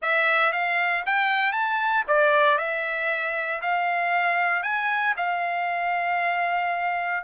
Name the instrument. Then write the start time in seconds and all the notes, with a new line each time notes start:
trumpet
0.01 E5
0.52 F5
1.06 G5
1.52 A5
2.07 D5
2.57 E5
3.61 F5
4.62 G#5
5.17 F5